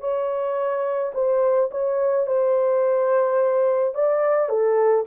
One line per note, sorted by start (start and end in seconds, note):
0.00 1.12 C#5
1.14 1.70 C5
1.71 2.27 C#5
2.27 3.95 C5
3.95 4.49 D5
4.49 5.05 A4